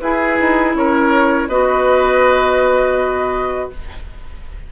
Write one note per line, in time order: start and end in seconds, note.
0.00 0.38 E4
0.00 1.50 E4
0.00 0.77 G#4
0.00 0.74 B4
0.41 0.75 D#4
0.75 1.47 C#4
0.75 1.49 A#4
0.75 1.48 C#5
1.47 3.69 B3
1.47 3.72 F#4
1.47 3.71 B4
1.47 3.71 D#5